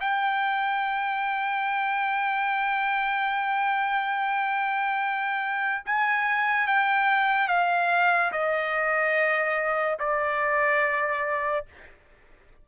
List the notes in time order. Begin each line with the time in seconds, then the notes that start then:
0.00 G5
5.85 G#5
6.67 G5
7.48 F5
8.31 D#5
9.99 D5